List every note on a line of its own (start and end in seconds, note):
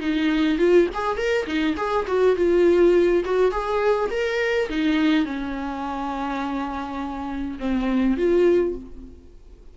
0.00 0.58 D#4
0.58 0.87 F4
0.93 1.17 G#4
1.17 1.46 A#4
1.46 1.75 D#4
1.76 2.05 G#4
2.07 2.36 F#4
2.36 3.23 F4
3.25 3.51 F#4
3.51 4.09 G#4
4.10 4.68 A#4
4.69 5.25 D#4
5.25 7.58 C#4
7.59 8.17 C4
8.17 8.75 F4